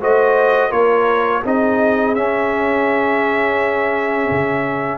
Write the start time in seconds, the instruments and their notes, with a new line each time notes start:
0.00 tuba A3, trombone F#4, horn C5, trumpet D#5
0.69 tuba A#3, trombone F4, horn A#4, trumpet C#5
1.44 tuba C4, trombone D#4, horn G#4, trumpet D#5
2.15 tuba C#4, trombone C#4, trumpet E5
4.31 tuba C#3